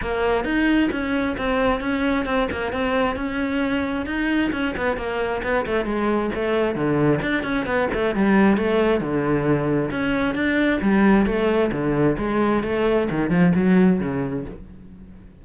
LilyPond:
\new Staff \with { instrumentName = "cello" } { \time 4/4 \tempo 4 = 133 ais4 dis'4 cis'4 c'4 | cis'4 c'8 ais8 c'4 cis'4~ | cis'4 dis'4 cis'8 b8 ais4 | b8 a8 gis4 a4 d4 |
d'8 cis'8 b8 a8 g4 a4 | d2 cis'4 d'4 | g4 a4 d4 gis4 | a4 dis8 f8 fis4 cis4 | }